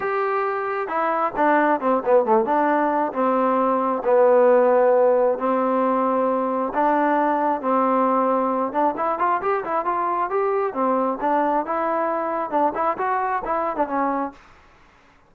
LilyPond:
\new Staff \with { instrumentName = "trombone" } { \time 4/4 \tempo 4 = 134 g'2 e'4 d'4 | c'8 b8 a8 d'4. c'4~ | c'4 b2. | c'2. d'4~ |
d'4 c'2~ c'8 d'8 | e'8 f'8 g'8 e'8 f'4 g'4 | c'4 d'4 e'2 | d'8 e'8 fis'4 e'8. d'16 cis'4 | }